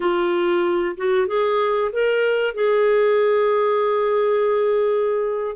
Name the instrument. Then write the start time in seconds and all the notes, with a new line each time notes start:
clarinet
0.00 F4
0.96 F#4
1.27 G#4
1.92 A#4
2.54 G#4